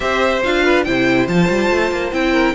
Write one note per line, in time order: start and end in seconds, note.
0.00 0.42 C4
0.00 0.41 G4
0.00 0.63 C5
0.00 0.42 E5
0.43 0.86 D4
0.43 0.86 F4
0.43 0.84 F5
0.63 0.85 B4
0.84 1.27 C3
0.84 1.28 E4
0.84 2.32 C5
0.84 1.26 G5
1.27 1.48 F3
1.27 2.11 F4
1.27 2.12 A5
1.49 1.70 G3
1.70 1.91 A3
1.91 2.12 A#3
2.11 2.54 C4
2.11 2.54 E4
2.11 2.54 G5
2.32 2.53 A#4